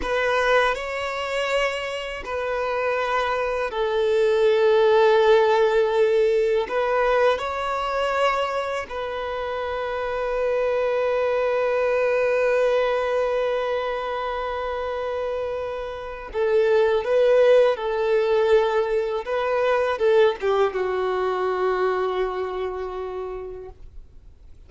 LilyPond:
\new Staff \with { instrumentName = "violin" } { \time 4/4 \tempo 4 = 81 b'4 cis''2 b'4~ | b'4 a'2.~ | a'4 b'4 cis''2 | b'1~ |
b'1~ | b'2 a'4 b'4 | a'2 b'4 a'8 g'8 | fis'1 | }